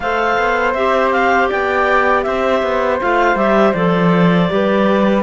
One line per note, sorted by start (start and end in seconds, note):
0.00 0.37 A3
0.00 0.76 A4
0.00 1.48 C5
0.00 0.73 F5
0.38 0.74 B3
0.73 1.49 C4
0.73 3.01 G4
0.73 1.11 E5
1.11 1.49 F5
1.48 2.25 B3
1.48 2.23 D5
1.48 2.23 G5
2.23 2.62 C4
2.23 4.51 C5
2.23 2.98 E5
2.62 3.00 B3
3.01 3.35 A3
3.01 3.35 F4
3.01 3.37 F5
3.35 3.72 G3
3.35 3.73 G4
3.35 3.73 E5
3.73 4.49 F3
3.73 4.49 A4
3.73 5.22 D5
4.49 5.22 G3
4.49 5.22 G4
4.49 5.22 B4